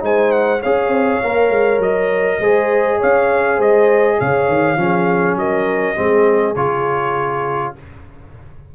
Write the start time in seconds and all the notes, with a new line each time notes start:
0.00 G#3 D#4 C5 G#5
0.32 F#5
0.61 C#4 G#4 C#5 F5
0.88 C4
1.24 A#3 A#4
1.50 G#3
1.79 F#3 D#5
2.40 G#3 G#4 C5
2.99 C#4 C#5 F5
3.57 G#3 C5 D#5
4.19 C#3 C#5 F5
4.48 D#3
4.77 F3 C#4 G#4
5.36 F#3 A#4 D#5
5.96 G#3 C4 G#4
6.56 C#3 F4 C#5